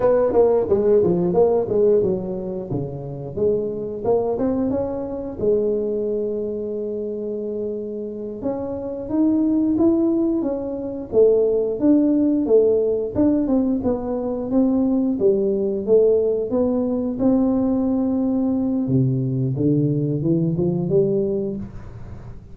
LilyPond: \new Staff \with { instrumentName = "tuba" } { \time 4/4 \tempo 4 = 89 b8 ais8 gis8 f8 ais8 gis8 fis4 | cis4 gis4 ais8 c'8 cis'4 | gis1~ | gis8 cis'4 dis'4 e'4 cis'8~ |
cis'8 a4 d'4 a4 d'8 | c'8 b4 c'4 g4 a8~ | a8 b4 c'2~ c'8 | c4 d4 e8 f8 g4 | }